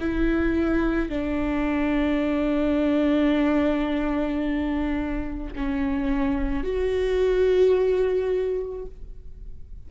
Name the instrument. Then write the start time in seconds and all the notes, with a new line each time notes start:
viola
0.00 E4
1.09 D4
5.56 C#4
6.63 F#4